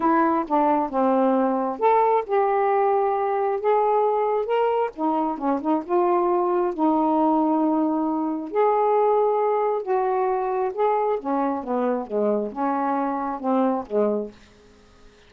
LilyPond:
\new Staff \with { instrumentName = "saxophone" } { \time 4/4 \tempo 4 = 134 e'4 d'4 c'2 | a'4 g'2. | gis'2 ais'4 dis'4 | cis'8 dis'8 f'2 dis'4~ |
dis'2. gis'4~ | gis'2 fis'2 | gis'4 cis'4 b4 gis4 | cis'2 c'4 gis4 | }